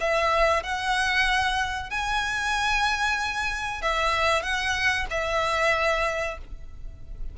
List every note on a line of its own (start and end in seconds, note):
0.00 0.63 E5
0.63 1.90 F#5
1.90 3.82 G#5
3.82 4.42 E5
4.42 5.06 F#5
5.10 6.37 E5